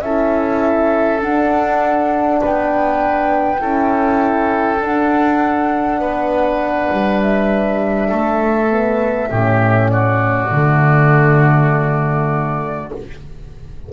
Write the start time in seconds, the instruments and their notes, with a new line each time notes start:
0.00 double bass C#4, horn E4, oboe A4, flute E5
1.21 double bass D4, horn D4, flute F#5
2.40 double bass B3, oboe B4, flute G5
3.58 double bass C#4, horn E4, oboe A4
4.80 double bass D4, horn D4, flute F#5
5.98 double bass B3, oboe B4
6.92 double bass G3
7.21 flute E5
8.08 double bass A3, oboe A4
8.70 horn B3
9.29 double bass A2, horn C#4, oboe G4
9.89 oboe F#4, flute D5
10.51 double bass D3, horn A3